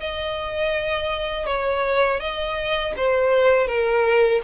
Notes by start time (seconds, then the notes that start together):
0.00 D#5
1.45 C#5
2.20 D#5
2.96 C5
3.67 A#4